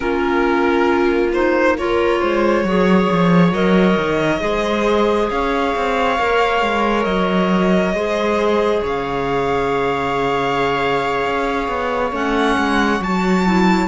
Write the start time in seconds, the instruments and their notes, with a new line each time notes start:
0.00 cello A#3, clarinet C#4, viola F4, violin A#4
1.32 clarinet D#4, violin C5
1.77 clarinet F4, viola A#4, violin C#5
2.20 cello G#3, viola C5
2.64 cello F#3, clarinet G#4, viola C#5
3.12 cello F3
3.51 cello F#3, clarinet A#4, violin D#5
3.97 cello D#3
4.40 cello G#3, clarinet G#4, viola C5
5.30 cello C#4, viola C#5, violin F5
5.75 cello C4
6.17 cello A#3, clarinet A#4
6.61 cello G#3
7.04 cello F#3, violin D#5
7.93 cello G#3, clarinet G#4, viola C5
8.81 cello C#3, viola C#5, violin F5
11.26 cello C#4
11.68 cello B3
12.12 cello A3, clarinet C#4, violin F#5
12.57 cello G#3
12.99 cello F#3, clarinet F#4, violin A5
13.45 clarinet E4